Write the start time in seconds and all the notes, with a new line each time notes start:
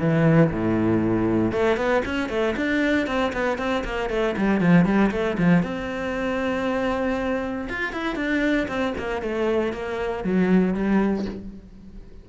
0.00 E3
0.52 A2
1.53 A3
1.77 B3
2.06 C#4
2.30 A3
2.57 D4
3.07 C4
3.33 B3
3.59 C4
3.85 A#3
4.10 A3
4.38 G3
4.61 F3
4.86 G3
5.12 A3
5.38 F3
5.64 C4
7.70 F4
7.93 E4
8.16 D4
8.69 C4
8.98 A#3
9.23 A3
9.73 A#3
10.25 F#3
10.74 G3